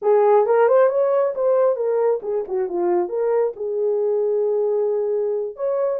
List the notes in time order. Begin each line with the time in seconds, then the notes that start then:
0.02 G#4
0.45 A#4
0.68 C5
0.89 C#5
1.34 C5
1.76 A#4
2.22 G#4
2.47 F#4
2.68 F4
3.08 A#4
3.56 G#4
5.56 C#5